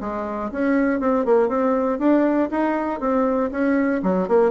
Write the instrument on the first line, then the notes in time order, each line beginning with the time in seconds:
bassoon
0.00 G#3
0.51 C#4
1.00 C4
1.25 A#3
1.48 C4
1.98 D4
2.50 D#4
3.00 C4
3.51 C#4
4.02 F#3
4.28 A#3